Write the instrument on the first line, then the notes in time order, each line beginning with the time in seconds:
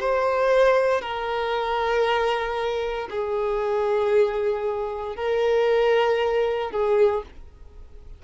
violin
0.00 C5
1.01 A#4
3.10 G#4
5.16 A#4
6.71 G#4